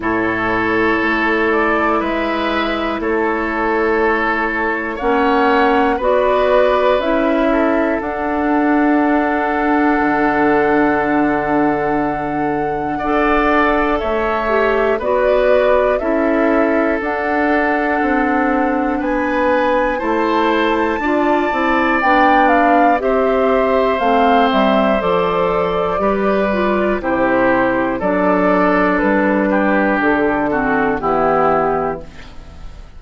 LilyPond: <<
  \new Staff \with { instrumentName = "flute" } { \time 4/4 \tempo 4 = 60 cis''4. d''8 e''4 cis''4~ | cis''4 fis''4 d''4 e''4 | fis''1~ | fis''2 e''4 d''4 |
e''4 fis''2 gis''4 | a''2 g''8 f''8 e''4 | f''8 e''8 d''2 c''4 | d''4 b'4 a'4 g'4 | }
  \new Staff \with { instrumentName = "oboe" } { \time 4/4 a'2 b'4 a'4~ | a'4 cis''4 b'4. a'8~ | a'1~ | a'4 d''4 cis''4 b'4 |
a'2. b'4 | c''4 d''2 c''4~ | c''2 b'4 g'4 | a'4. g'4 fis'8 e'4 | }
  \new Staff \with { instrumentName = "clarinet" } { \time 4/4 e'1~ | e'4 cis'4 fis'4 e'4 | d'1~ | d'4 a'4. g'8 fis'4 |
e'4 d'2. | e'4 f'8 e'8 d'4 g'4 | c'4 a'4 g'8 f'8 e'4 | d'2~ d'8 c'8 b4 | }
  \new Staff \with { instrumentName = "bassoon" } { \time 4/4 a,4 a4 gis4 a4~ | a4 ais4 b4 cis'4 | d'2 d2~ | d4 d'4 a4 b4 |
cis'4 d'4 c'4 b4 | a4 d'8 c'8 b4 c'4 | a8 g8 f4 g4 c4 | fis4 g4 d4 e4 | }
>>